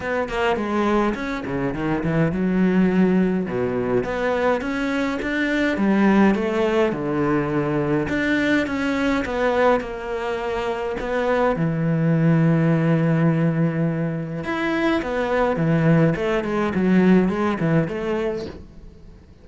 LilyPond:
\new Staff \with { instrumentName = "cello" } { \time 4/4 \tempo 4 = 104 b8 ais8 gis4 cis'8 cis8 dis8 e8 | fis2 b,4 b4 | cis'4 d'4 g4 a4 | d2 d'4 cis'4 |
b4 ais2 b4 | e1~ | e4 e'4 b4 e4 | a8 gis8 fis4 gis8 e8 a4 | }